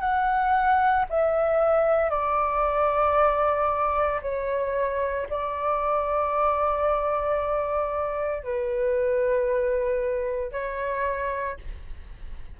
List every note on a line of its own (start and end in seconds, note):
0.00 1.05 F#5
1.10 2.10 E5
2.10 4.21 D5
4.22 5.27 C#5
5.30 8.43 D5
8.43 10.52 B4
10.52 11.57 C#5